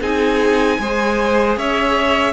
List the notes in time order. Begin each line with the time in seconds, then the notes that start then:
0.00 C4 D#4 G#4 G#5
0.79 G#3 G#4 C5
1.56 C#4 C#5 E5